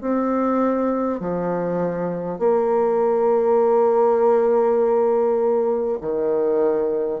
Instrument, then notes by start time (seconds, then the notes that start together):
bassoon
0.00 C4
1.20 F3
2.38 A#3
6.01 D#3